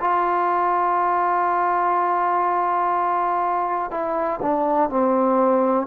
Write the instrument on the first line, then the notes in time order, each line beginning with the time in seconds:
trombone
0.00 F4
3.91 E4
4.42 D4
4.90 C4